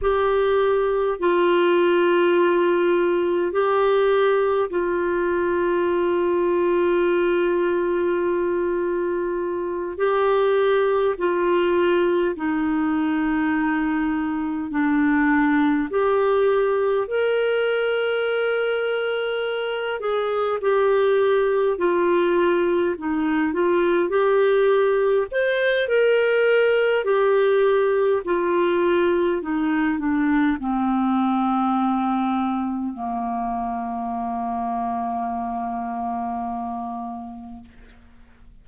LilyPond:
\new Staff \with { instrumentName = "clarinet" } { \time 4/4 \tempo 4 = 51 g'4 f'2 g'4 | f'1~ | f'8 g'4 f'4 dis'4.~ | dis'8 d'4 g'4 ais'4.~ |
ais'4 gis'8 g'4 f'4 dis'8 | f'8 g'4 c''8 ais'4 g'4 | f'4 dis'8 d'8 c'2 | ais1 | }